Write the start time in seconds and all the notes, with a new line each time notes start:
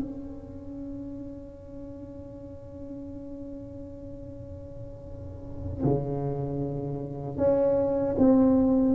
0.00 C#4
5.84 C#3
7.37 C#4
8.18 C4